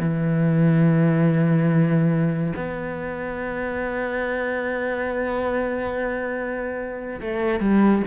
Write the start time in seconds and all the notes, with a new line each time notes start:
0.00 E3
2.56 B3
7.21 A3
7.61 G3